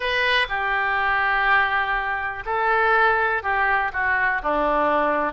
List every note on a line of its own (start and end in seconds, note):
0.00 0.46 B4
0.48 2.43 G4
2.45 3.42 A4
3.42 3.91 G4
3.92 4.41 F#4
4.43 5.33 D4